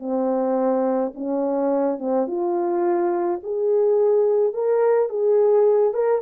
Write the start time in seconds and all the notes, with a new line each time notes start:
0.00 C4
1.15 C#4
1.99 C4
2.27 F4
3.43 G#4
4.54 A#4
5.09 G#4
5.94 A#4